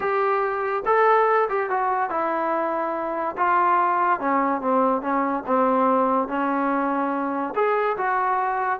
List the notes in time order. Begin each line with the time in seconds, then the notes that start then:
0.00 G4
0.85 A4
1.49 G4
1.70 F#4
2.10 E4
3.37 F4
4.20 C#4
4.61 C4
5.01 C#4
5.46 C4
6.28 C#4
7.55 G#4
7.97 F#4